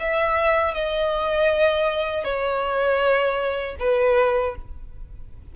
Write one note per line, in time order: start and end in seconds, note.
0.00 0.74 E5
0.74 2.24 D#5
2.24 3.76 C#5
3.79 4.55 B4